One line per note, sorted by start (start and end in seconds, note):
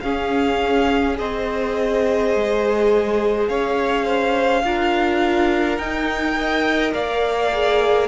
0.00 1.19 C#4
0.00 1.14 C#4
0.00 1.18 G#4
0.00 1.15 F5
1.14 2.35 C4
1.14 4.60 G#4
1.14 3.49 C5
1.14 3.47 D#5
2.35 3.49 G#3
3.47 4.63 C#4
3.47 4.05 C#5
3.47 5.78 F5
4.05 4.63 C5
4.63 5.78 D4
4.63 5.80 F4
4.63 6.38 A#4
5.78 6.93 D#4
5.78 6.34 D#4
5.78 6.93 G5
6.34 7.50 A#4
6.34 6.94 D#5
6.94 8.08 A#3
6.94 8.08 D5
6.94 8.08 F5
7.52 8.08 G#4